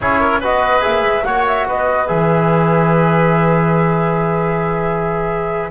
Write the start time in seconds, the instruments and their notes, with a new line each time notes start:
0.00 double bass C#4, trombone E4, oboe G#4, flute C#5
0.19 oboe A#4
0.40 double bass B3, trombone F#4, oboe B4, flute D#5
0.80 double bass A#3, trombone G#4, flute E5
1.02 double bass G#3
1.24 double bass A#3, trombone F#4, oboe C#5, flute F#5
1.47 flute E5
1.68 double bass B3, oboe B4, flute D#5
2.07 double bass E3, trombone G#4, flute E5